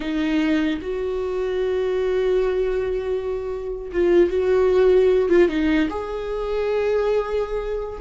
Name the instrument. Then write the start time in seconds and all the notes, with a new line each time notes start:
viola
0.00 D#4
0.81 F#4
3.92 F4
4.29 F#4
5.29 F4
5.49 D#4
5.89 G#4